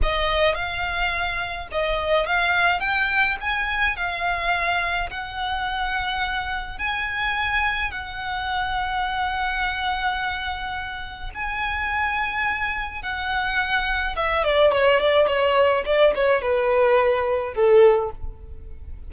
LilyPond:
\new Staff \with { instrumentName = "violin" } { \time 4/4 \tempo 4 = 106 dis''4 f''2 dis''4 | f''4 g''4 gis''4 f''4~ | f''4 fis''2. | gis''2 fis''2~ |
fis''1 | gis''2. fis''4~ | fis''4 e''8 d''8 cis''8 d''8 cis''4 | d''8 cis''8 b'2 a'4 | }